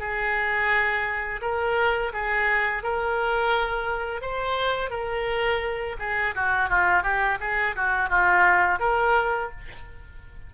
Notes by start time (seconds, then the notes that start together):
0.00 G#4
1.42 A#4
2.13 G#4
2.83 A#4
4.22 C5
4.91 A#4
6.00 G#4
6.36 F#4
6.70 F4
7.03 G4
7.41 G#4
7.76 F#4
8.10 F4
8.80 A#4